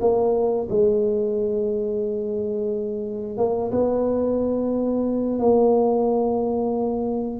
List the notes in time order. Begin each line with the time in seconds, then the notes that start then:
0.00 A#3
0.69 G#3
3.37 A#3
3.71 B3
5.39 A#3